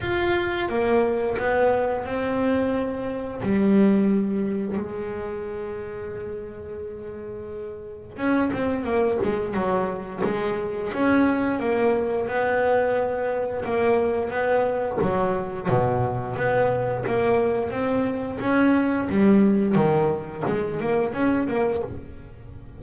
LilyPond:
\new Staff \with { instrumentName = "double bass" } { \time 4/4 \tempo 4 = 88 f'4 ais4 b4 c'4~ | c'4 g2 gis4~ | gis1 | cis'8 c'8 ais8 gis8 fis4 gis4 |
cis'4 ais4 b2 | ais4 b4 fis4 b,4 | b4 ais4 c'4 cis'4 | g4 dis4 gis8 ais8 cis'8 ais8 | }